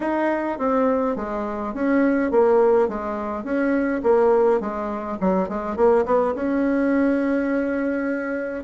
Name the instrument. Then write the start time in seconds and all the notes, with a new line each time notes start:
bassoon
0.00 D#4
0.58 C4
1.16 G#3
1.74 C#4
2.31 A#3
2.88 G#3
3.44 C#4
4.03 A#3
4.60 G#3
5.20 F#3
5.49 G#3
5.76 A#3
6.05 B3
6.35 C#4